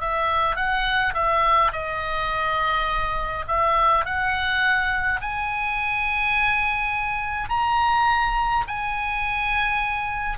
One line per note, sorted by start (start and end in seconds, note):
0.00 0.56 E5
0.56 1.13 F#5
1.14 1.72 E5
1.72 3.45 D#5
3.48 4.05 E5
4.05 5.20 F#5
5.21 7.49 G#5
7.49 8.65 A#5
8.67 10.38 G#5